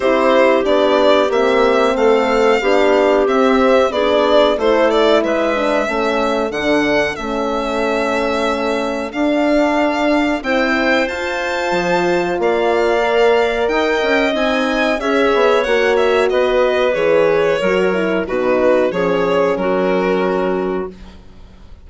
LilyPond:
<<
  \new Staff \with { instrumentName = "violin" } { \time 4/4 \tempo 4 = 92 c''4 d''4 e''4 f''4~ | f''4 e''4 d''4 c''8 d''8 | e''2 fis''4 e''4~ | e''2 f''2 |
g''4 a''2 f''4~ | f''4 g''4 gis''4 e''4 | fis''8 e''8 dis''4 cis''2 | b'4 cis''4 ais'2 | }
  \new Staff \with { instrumentName = "clarinet" } { \time 4/4 g'2. a'4 | g'2 gis'4 a'4 | b'4 a'2.~ | a'1 |
c''2. d''4~ | d''4 dis''2 cis''4~ | cis''4 b'2 ais'4 | fis'4 gis'4 fis'2 | }
  \new Staff \with { instrumentName = "horn" } { \time 4/4 e'4 d'4 c'2 | d'4 c'4 d'4 e'4~ | e'8 d'8 cis'4 d'4 cis'4~ | cis'2 d'2 |
e'4 f'2. | ais'2 dis'4 gis'4 | fis'2 gis'4 fis'8 e'8 | dis'4 cis'2. | }
  \new Staff \with { instrumentName = "bassoon" } { \time 4/4 c'4 b4 ais4 a4 | b4 c'4 b4 a4 | gis4 a4 d4 a4~ | a2 d'2 |
c'4 f'4 f4 ais4~ | ais4 dis'8 cis'8 c'4 cis'8 b8 | ais4 b4 e4 fis4 | b,4 f4 fis2 | }
>>